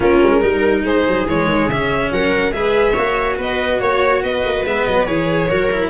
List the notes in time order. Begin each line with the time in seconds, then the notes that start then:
0.00 A#3 C#4 F4 A#4
0.22 G#3
0.41 G3 D#4 A#4
0.83 G#3 G#4 C5
1.07 F#3
1.26 E3 G#3 C#5
1.45 D#3
1.67 C#3 C#4 E5
2.11 F#3 A#4 F#5
2.51 G#3 G#4 B4 E5
2.92 A#3 F#4 C#5
3.37 B3 B4 D#5
3.80 A#3 C#5
4.23 B3 B4 D#5
4.45 A#3
4.65 G#3 B3 E5
4.85 F#3 D#5
5.04 E3 G#4 C#5
5.49 F#3 F#4 A#4
5.72 E4